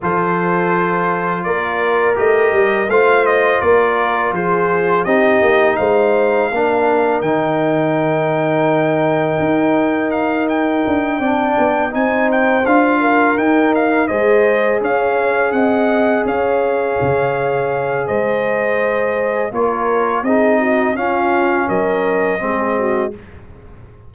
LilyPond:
<<
  \new Staff \with { instrumentName = "trumpet" } { \time 4/4 \tempo 4 = 83 c''2 d''4 dis''4 | f''8 dis''8 d''4 c''4 dis''4 | f''2 g''2~ | g''2 f''8 g''4.~ |
g''8 gis''8 g''8 f''4 g''8 f''8 dis''8~ | dis''8 f''4 fis''4 f''4.~ | f''4 dis''2 cis''4 | dis''4 f''4 dis''2 | }
  \new Staff \with { instrumentName = "horn" } { \time 4/4 a'2 ais'2 | c''4 ais'4 gis'4 g'4 | c''4 ais'2.~ | ais'2.~ ais'8 d''8~ |
d''8 c''4. ais'4. c''8~ | c''8 cis''4 dis''4 cis''4.~ | cis''4 c''2 ais'4 | gis'8 fis'8 f'4 ais'4 gis'8 fis'8 | }
  \new Staff \with { instrumentName = "trombone" } { \time 4/4 f'2. g'4 | f'2. dis'4~ | dis'4 d'4 dis'2~ | dis'2.~ dis'8 d'8~ |
d'8 dis'4 f'4 dis'4 gis'8~ | gis'1~ | gis'2. f'4 | dis'4 cis'2 c'4 | }
  \new Staff \with { instrumentName = "tuba" } { \time 4/4 f2 ais4 a8 g8 | a4 ais4 f4 c'8 ais8 | gis4 ais4 dis2~ | dis4 dis'2 d'8 c'8 |
b8 c'4 d'4 dis'4 gis8~ | gis8 cis'4 c'4 cis'4 cis8~ | cis4 gis2 ais4 | c'4 cis'4 fis4 gis4 | }
>>